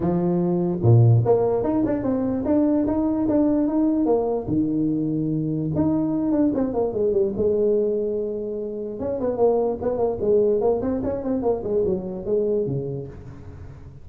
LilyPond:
\new Staff \with { instrumentName = "tuba" } { \time 4/4 \tempo 4 = 147 f2 ais,4 ais4 | dis'8 d'8 c'4 d'4 dis'4 | d'4 dis'4 ais4 dis4~ | dis2 dis'4. d'8 |
c'8 ais8 gis8 g8 gis2~ | gis2 cis'8 b8 ais4 | b8 ais8 gis4 ais8 c'8 cis'8 c'8 | ais8 gis8 fis4 gis4 cis4 | }